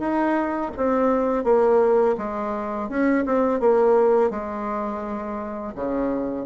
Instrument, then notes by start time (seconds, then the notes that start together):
bassoon
0.00 D#4
0.77 C4
1.44 A#3
2.18 G#3
2.89 C#4
3.26 C4
3.60 A#3
4.31 G#3
5.76 C#3